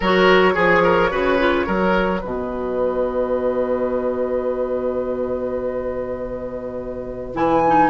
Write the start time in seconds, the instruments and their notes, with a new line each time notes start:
0.00 bassoon F#3, clarinet F#4, oboe A#4, flute C#5
0.53 bassoon F3, clarinet G#4, oboe G#4
0.83 oboe A#4
1.10 bassoon C#3, clarinet F#4, oboe B4
1.39 clarinet F4
1.66 bassoon F#3, clarinet F#4, oboe A#4
2.20 bassoon B2, oboe B4, flute D#5
7.34 bassoon E3, clarinet E4, flute G#5
7.67 clarinet D#4